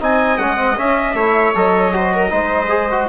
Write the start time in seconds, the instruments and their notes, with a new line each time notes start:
0.00 bassoon C4, trombone D#4, viola D#5, trumpet G#5
0.38 bassoon G#3, trombone C#4, trumpet F#5
0.57 trombone C4
0.77 trombone C#4, bassoon C#4, trumpet E5
1.14 bassoon A3, trombone E4, viola C#5
1.55 bassoon F#3, trombone A4, trumpet D#5
1.93 trombone F#4, viola C5
2.14 viola A#4
2.29 bassoon G#3, trombone D#4, viola C5
2.69 trombone G#4
2.91 trombone F#4